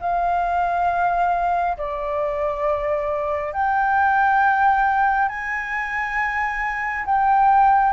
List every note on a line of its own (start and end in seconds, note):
0.00 1.76 F5
1.77 3.53 D5
3.53 5.28 G5
5.28 7.05 G#5
7.05 7.93 G5